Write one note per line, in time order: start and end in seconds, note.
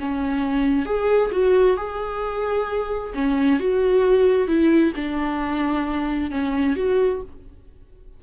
0.00 0.86 C#4
0.86 1.31 G#4
1.32 1.77 F#4
1.77 3.13 G#4
3.15 3.60 C#4
3.60 4.48 F#4
4.48 4.93 E4
4.96 6.31 D4
6.31 6.76 C#4
6.76 7.22 F#4